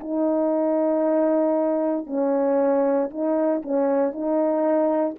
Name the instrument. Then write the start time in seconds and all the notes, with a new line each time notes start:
horn
0.00 D#4
2.06 C#4
3.10 D#4
3.63 C#4
4.12 D#4